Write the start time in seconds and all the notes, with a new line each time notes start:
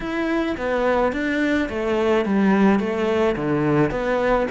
0.00 E4
0.57 B3
1.12 D4
1.69 A3
2.25 G3
2.79 A3
3.36 D3
3.90 B3